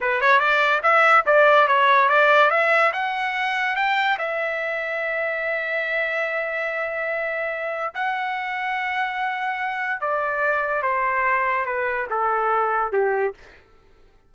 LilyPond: \new Staff \with { instrumentName = "trumpet" } { \time 4/4 \tempo 4 = 144 b'8 cis''8 d''4 e''4 d''4 | cis''4 d''4 e''4 fis''4~ | fis''4 g''4 e''2~ | e''1~ |
e''2. fis''4~ | fis''1 | d''2 c''2 | b'4 a'2 g'4 | }